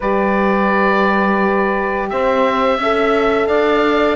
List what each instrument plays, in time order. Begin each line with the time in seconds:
0.00 cello G3, horn G4, saxophone B4, oboe D5
2.09 cello C4, saxophone C5, oboe E5
2.77 cello C#4, horn A4, saxophone E5
3.47 cello D4, saxophone D5, oboe F5